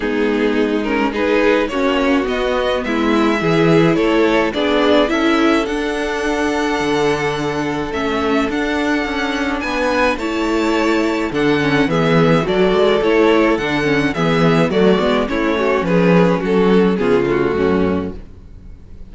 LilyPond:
<<
  \new Staff \with { instrumentName = "violin" } { \time 4/4 \tempo 4 = 106 gis'4. ais'8 b'4 cis''4 | dis''4 e''2 cis''4 | d''4 e''4 fis''2~ | fis''2 e''4 fis''4~ |
fis''4 gis''4 a''2 | fis''4 e''4 d''4 cis''4 | fis''4 e''4 d''4 cis''4 | b'4 a'4 gis'8 fis'4. | }
  \new Staff \with { instrumentName = "violin" } { \time 4/4 dis'2 gis'4 fis'4~ | fis'4 e'4 gis'4 a'4 | gis'4 a'2.~ | a'1~ |
a'4 b'4 cis''2 | a'4 gis'4 a'2~ | a'4 gis'4 fis'4 e'8 fis'8 | gis'4 fis'4 f'4 cis'4 | }
  \new Staff \with { instrumentName = "viola" } { \time 4/4 b4. cis'8 dis'4 cis'4 | b2 e'2 | d'4 e'4 d'2~ | d'2 cis'4 d'4~ |
d'2 e'2 | d'8 cis'8 b4 fis'4 e'4 | d'8 cis'8 b4 a8 b8 cis'4~ | cis'2 b8 a4. | }
  \new Staff \with { instrumentName = "cello" } { \time 4/4 gis2. ais4 | b4 gis4 e4 a4 | b4 cis'4 d'2 | d2 a4 d'4 |
cis'4 b4 a2 | d4 e4 fis8 gis8 a4 | d4 e4 fis8 gis8 a4 | f4 fis4 cis4 fis,4 | }
>>